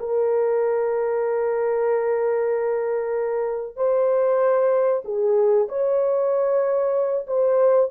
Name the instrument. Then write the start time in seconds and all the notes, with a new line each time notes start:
horn
0.00 A#4
3.77 C5
5.05 G#4
5.69 C#5
7.27 C5